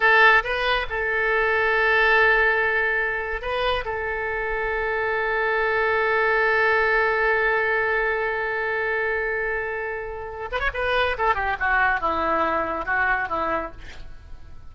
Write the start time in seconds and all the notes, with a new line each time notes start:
0.00 A4
0.43 B4
0.89 A4
3.41 B4
3.84 A4
10.51 B4
10.59 C#5
10.73 B4
11.18 A4
11.34 G4
11.59 F#4
12.00 E4
12.85 F#4
13.28 E4